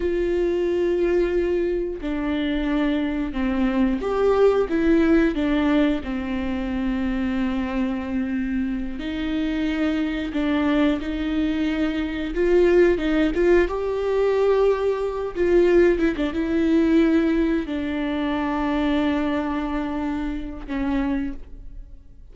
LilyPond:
\new Staff \with { instrumentName = "viola" } { \time 4/4 \tempo 4 = 90 f'2. d'4~ | d'4 c'4 g'4 e'4 | d'4 c'2.~ | c'4. dis'2 d'8~ |
d'8 dis'2 f'4 dis'8 | f'8 g'2~ g'8 f'4 | e'16 d'16 e'2 d'4.~ | d'2. cis'4 | }